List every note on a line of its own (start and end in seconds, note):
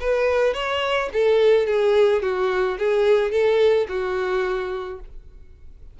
0.00 0.53 B4
0.53 1.09 C#5
1.12 1.66 A4
1.66 2.22 G#4
2.22 2.77 F#4
2.78 3.31 G#4
3.31 3.87 A4
3.88 4.99 F#4